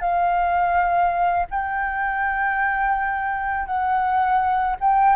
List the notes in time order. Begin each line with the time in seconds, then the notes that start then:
0.00 F5
1.50 G5
3.66 F#5
4.80 G5